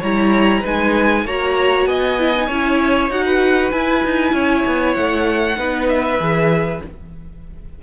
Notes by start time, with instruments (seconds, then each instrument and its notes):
0.00 cello G3, viola E4, violin C#5 A#5
0.60 cello G#3, viola D#4, violin B4 G#5
1.25 cello A#3, viola F#4, violin C#5 A#5
1.86 cello B3, violin D#5 G#5
2.19 viola E4
2.35 viola D#4
2.47 cello C#4, viola E4, violin C#5
3.10 cello D#4, viola F#4, violin F#5
3.26 violin B4
3.72 viola E4, cello E4, violin G#5
4.04 cello D#4
4.33 cello C#4, violin C#5
4.66 cello B3
4.94 cello A3, violin F#5
5.57 cello B3, viola D#4, violin B4
5.89 violin E5
6.20 cello E3, viola G#4